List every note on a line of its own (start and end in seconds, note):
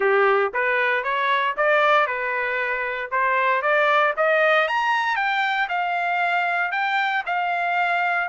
0.00 0.52 G4
0.53 1.03 B4
1.03 1.55 C#5
1.57 2.07 D5
2.07 3.10 B4
3.11 3.61 C5
3.61 4.13 D5
4.16 4.68 D#5
4.68 5.16 A#5
5.16 5.68 G5
5.68 6.71 F5
6.71 7.23 G5
7.25 8.28 F5